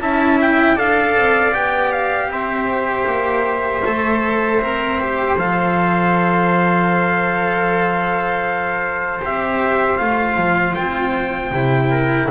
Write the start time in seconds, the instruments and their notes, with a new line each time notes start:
0.00 double bass C#4, cello E4, trumpet E5 A5
0.41 trumpet G5
0.76 double bass D4, cello A4, trumpet D5 F5
1.16 double bass C4
1.52 double bass B3, cello G4, trumpet G5
1.92 trumpet F5
2.28 double bass C4, trumpet C5 E5
3.06 double bass A#3
3.85 double bass A3, cello A4
4.60 double bass C4, cello A#4
5.00 cello G4
5.36 double bass F3, cello A4, trumpet F5
9.22 double bass C4, cello G4, trumpet E5
9.97 double bass A3, cello F4, trumpet F5
10.37 double bass F3
10.75 double bass C4, trumpet G5
11.51 double bass C3, cello E4
11.90 trumpet A#4